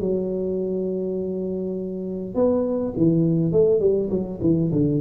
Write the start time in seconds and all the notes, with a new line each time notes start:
0.00 F#3
2.35 B3
2.97 E3
3.52 A3
3.80 G3
4.10 F#3
4.41 E3
4.72 D3